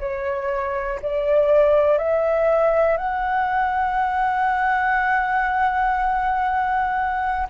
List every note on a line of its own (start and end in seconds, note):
0.00 1.00 C#5
1.02 1.98 D5
1.98 2.97 E5
2.97 7.47 F#5